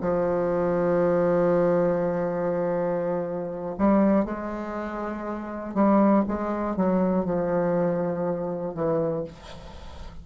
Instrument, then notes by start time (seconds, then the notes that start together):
bassoon
0.00 F3
3.78 G3
4.25 G#3
5.74 G3
6.27 G#3
6.76 F#3
7.25 F3
8.74 E3